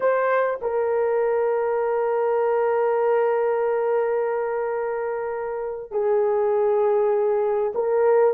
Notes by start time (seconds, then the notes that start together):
0.00 C5
0.61 A#4
5.91 G#4
7.74 A#4